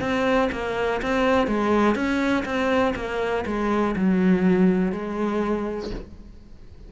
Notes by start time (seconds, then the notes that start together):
0.00 C4
0.52 A#3
1.02 C4
1.47 G#3
1.95 C#4
2.45 C4
2.96 A#3
3.46 G#3
3.96 F#3
4.92 G#3